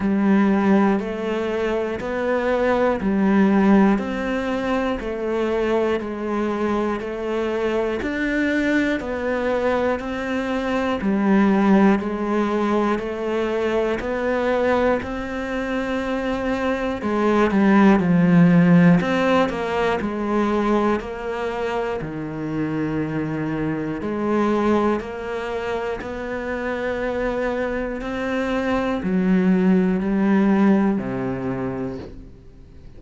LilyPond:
\new Staff \with { instrumentName = "cello" } { \time 4/4 \tempo 4 = 60 g4 a4 b4 g4 | c'4 a4 gis4 a4 | d'4 b4 c'4 g4 | gis4 a4 b4 c'4~ |
c'4 gis8 g8 f4 c'8 ais8 | gis4 ais4 dis2 | gis4 ais4 b2 | c'4 fis4 g4 c4 | }